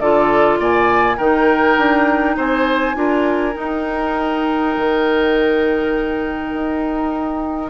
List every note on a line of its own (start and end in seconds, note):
0.00 0.59 D3
0.00 1.19 F4
0.00 0.60 A4
0.00 0.59 D5
0.59 1.18 A#2
0.59 1.17 D5
0.59 1.18 G#5
1.17 1.78 D#3
1.17 2.95 D#4
1.17 2.36 A#4
1.17 2.37 G5
1.78 2.37 D4
2.37 2.96 C4
2.37 2.96 C5
2.37 3.57 G#5
2.95 3.55 D4
2.95 3.53 F4
2.95 7.70 A#4
3.53 7.69 D#4
3.53 4.76 D#4
3.53 7.70 G5
4.77 6.53 D#3
6.53 7.70 D#4